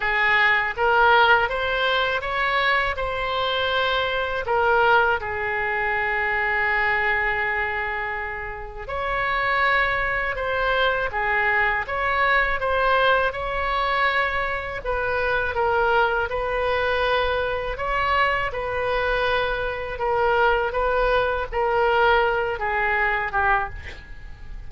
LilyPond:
\new Staff \with { instrumentName = "oboe" } { \time 4/4 \tempo 4 = 81 gis'4 ais'4 c''4 cis''4 | c''2 ais'4 gis'4~ | gis'1 | cis''2 c''4 gis'4 |
cis''4 c''4 cis''2 | b'4 ais'4 b'2 | cis''4 b'2 ais'4 | b'4 ais'4. gis'4 g'8 | }